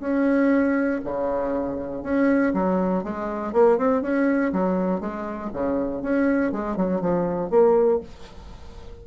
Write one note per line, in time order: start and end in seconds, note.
0.00 1.00 C#4
1.05 2.03 C#3
2.03 2.53 C#4
2.54 3.04 F#3
3.04 3.53 G#3
3.53 3.78 A#3
3.78 4.02 C4
4.02 4.52 C#4
4.52 5.00 F#3
5.00 5.50 G#3
5.53 6.02 C#3
6.02 6.52 C#4
6.52 6.77 G#3
6.77 7.01 F#3
7.01 7.50 F3
7.50 8.00 A#3